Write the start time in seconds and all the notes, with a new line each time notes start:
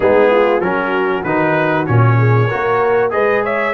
0.00 G#3 B3 D#4 G#4
0.30 F4
0.60 F#3 C#4 F#4 A#4
1.23 D#3 D#4 B4
1.86 A#2 C#4 C#5
2.17 G#4
2.48 A#3 F#4 A#4
3.10 G#3 G#4 B4 D#5
3.43 C#5 E5